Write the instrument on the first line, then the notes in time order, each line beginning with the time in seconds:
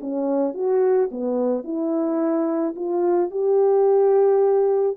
horn
0.00 C#4
0.54 F#4
1.11 B3
1.64 E4
2.75 F4
3.31 G4